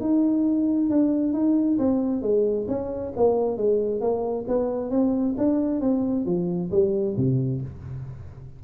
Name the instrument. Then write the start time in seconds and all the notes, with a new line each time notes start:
tuba
0.00 D#4
0.90 D4
1.33 D#4
1.78 C4
2.22 G#3
2.68 C#4
3.16 A#3
3.57 G#3
4.00 A#3
4.47 B3
4.90 C4
5.37 D4
5.80 C4
6.25 F3
6.71 G3
7.16 C3